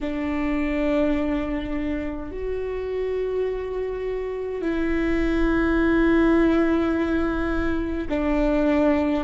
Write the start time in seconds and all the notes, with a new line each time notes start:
0.01 D4
2.31 F#4
4.62 E4
8.09 D4